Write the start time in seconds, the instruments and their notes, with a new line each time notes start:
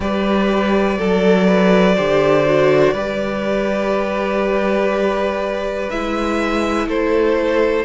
0.00 cello G3, viola G4, violin B4 D5
0.98 cello F#3, violin A4, viola A4
1.47 violin B4
1.95 cello D3, viola G4, violin C5
2.45 viola F#4
2.93 cello G3, viola G4, violin B4
5.90 cello G#3, viola E4, violin E5
6.87 cello A3, violin A4 C5